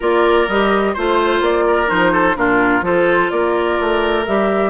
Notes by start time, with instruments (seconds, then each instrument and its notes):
0.00 bassoon A#3, clarinet F4, oboe A#4, flute D5
0.48 bassoon G3, clarinet G4, flute D#5
0.93 bassoon A3, clarinet F4, oboe C5, flute C5
1.40 bassoon A#3, flute D5
1.66 oboe A#4
1.86 bassoon F3, clarinet D#4, flute C5
2.12 oboe A4
2.35 bassoon A#2, clarinet D4, oboe F4, flute A#4
2.81 bassoon F3, clarinet F4, oboe A4, flute C5
3.30 bassoon A#3, oboe A#4, flute D5
3.80 bassoon A3
4.25 bassoon G3, clarinet G4, flute E5